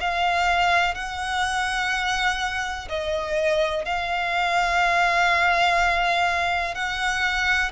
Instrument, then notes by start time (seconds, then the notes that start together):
violin
0.00 F5
0.95 F#5
2.89 D#5
3.85 F5
6.74 F#5